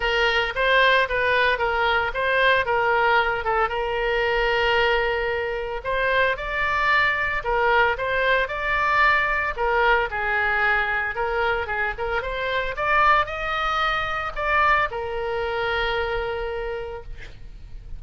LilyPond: \new Staff \with { instrumentName = "oboe" } { \time 4/4 \tempo 4 = 113 ais'4 c''4 b'4 ais'4 | c''4 ais'4. a'8 ais'4~ | ais'2. c''4 | d''2 ais'4 c''4 |
d''2 ais'4 gis'4~ | gis'4 ais'4 gis'8 ais'8 c''4 | d''4 dis''2 d''4 | ais'1 | }